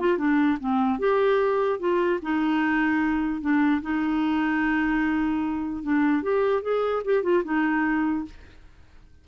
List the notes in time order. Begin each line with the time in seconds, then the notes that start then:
0.00 F4
0.18 D4
0.60 C4
0.99 G4
1.80 F4
2.22 D#4
3.41 D4
3.82 D#4
5.83 D4
6.23 G4
6.62 G#4
7.05 G4
7.23 F4
7.44 D#4